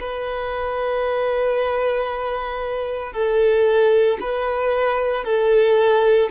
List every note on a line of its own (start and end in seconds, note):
0.00 3.13 B4
3.13 4.18 A4
4.21 5.24 B4
5.24 6.30 A4